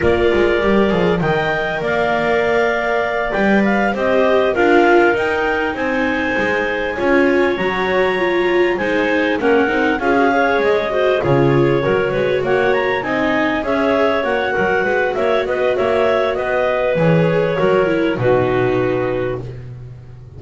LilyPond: <<
  \new Staff \with { instrumentName = "clarinet" } { \time 4/4 \tempo 4 = 99 d''2 g''4 f''4~ | f''4. g''8 f''8 dis''4 f''8~ | f''8 g''4 gis''2~ gis''8~ | gis''8 ais''2 gis''4 fis''8~ |
fis''8 f''4 dis''4 cis''4.~ | cis''8 fis''8 ais''8 gis''4 e''4 fis''8~ | fis''4 e''8 dis''8 e''4 dis''4 | cis''2 b'2 | }
  \new Staff \with { instrumentName = "clarinet" } { \time 4/4 ais'2 dis''4 d''4~ | d''2~ d''8 c''4 ais'8~ | ais'4. c''2 cis''8~ | cis''2~ cis''8 c''4 ais'8~ |
ais'8 gis'8 cis''4 c''8 gis'4 ais'8 | b'8 cis''4 dis''4 cis''4. | ais'8 b'8 cis''8 b'8 cis''4 b'4~ | b'4 ais'4 fis'2 | }
  \new Staff \with { instrumentName = "viola" } { \time 4/4 f'4 g'8 gis'8 ais'2~ | ais'4. b'4 g'4 f'8~ | f'8 dis'2. f'8~ | f'8 fis'4 f'4 dis'4 cis'8 |
dis'8 f'16 fis'16 gis'4 fis'8 f'4 fis'8~ | fis'4. dis'4 gis'4 fis'8~ | fis'1 | gis'4 fis'8 e'8 dis'2 | }
  \new Staff \with { instrumentName = "double bass" } { \time 4/4 ais8 gis8 g8 f8 dis4 ais4~ | ais4. g4 c'4 d'8~ | d'8 dis'4 c'4 gis4 cis'8~ | cis'8 fis2 gis4 ais8 |
c'8 cis'4 gis4 cis4 fis8 | gis8 ais4 c'4 cis'4 ais8 | fis8 gis8 ais8 b8 ais4 b4 | e4 fis4 b,2 | }
>>